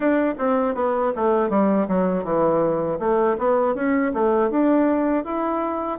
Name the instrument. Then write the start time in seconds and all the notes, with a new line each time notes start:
bassoon
0.00 D4
0.38 C4
0.75 B3
1.15 A3
1.49 G3
1.88 F#3
2.23 E3
2.99 A3
3.38 B3
3.75 C#4
4.13 A3
4.50 D4
5.24 E4